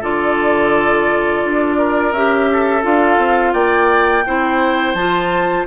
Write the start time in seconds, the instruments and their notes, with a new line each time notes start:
0.00 bassoon D3, clarinet F4, oboe A4, flute D5
1.44 bassoon D4
1.78 oboe A#4
2.12 bassoon C#4, clarinet G4, flute E5
2.52 oboe A4
2.82 bassoon D4, clarinet F4, flute F5
3.18 bassoon C4
3.53 bassoon A#3, oboe D5, flute G5
4.26 bassoon C4, clarinet E4, oboe C5
4.94 bassoon F3, clarinet F4, flute A5